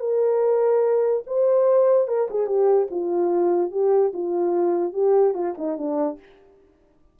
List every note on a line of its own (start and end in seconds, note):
0.00 1.23 A#4
1.27 2.08 C5
2.08 2.28 A#4
2.30 2.47 G#4
2.47 2.88 G4
2.91 3.72 F4
3.72 4.13 G4
4.14 4.93 F4
4.93 5.34 G4
5.34 5.55 F4
5.58 5.78 D#4
5.78 6.19 D4